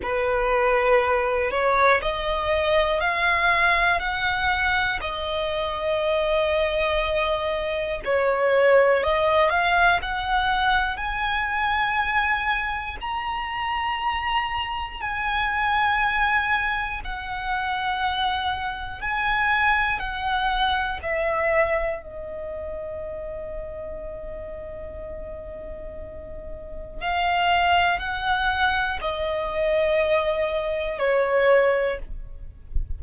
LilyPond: \new Staff \with { instrumentName = "violin" } { \time 4/4 \tempo 4 = 60 b'4. cis''8 dis''4 f''4 | fis''4 dis''2. | cis''4 dis''8 f''8 fis''4 gis''4~ | gis''4 ais''2 gis''4~ |
gis''4 fis''2 gis''4 | fis''4 e''4 dis''2~ | dis''2. f''4 | fis''4 dis''2 cis''4 | }